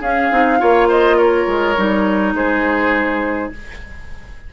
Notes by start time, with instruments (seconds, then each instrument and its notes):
0.00 bassoon C#4, clarinet C#4, oboe G#4, flute F5
0.31 bassoon C4, clarinet D#4
0.59 bassoon A#3, clarinet F4, oboe C#5
0.88 oboe C5, flute D#5
1.17 oboe A#4, flute C#5
1.46 bassoon G#3
1.77 bassoon G3, clarinet D#4
2.33 bassoon G#3, oboe G#4, flute C5